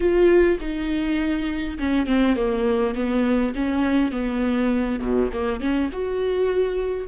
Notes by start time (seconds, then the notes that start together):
0.00 F4
0.60 D#4
1.78 C#4
2.06 C4
2.36 A#3
2.94 B3
3.55 C#4
4.11 B3
5.00 B2
5.32 A#3
5.60 C#4
5.92 F#4